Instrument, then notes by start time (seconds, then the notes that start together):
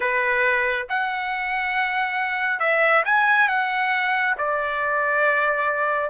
trumpet
0.00 B4
0.89 F#5
2.59 E5
3.05 G#5
3.48 F#5
4.38 D5